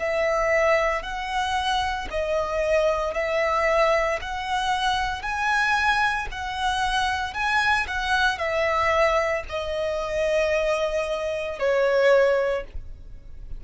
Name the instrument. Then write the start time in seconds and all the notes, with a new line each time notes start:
violin
0.00 E5
1.03 F#5
2.11 D#5
3.15 E5
4.22 F#5
5.22 G#5
6.32 F#5
7.34 G#5
7.88 F#5
8.39 E5
9.49 D#5
11.59 C#5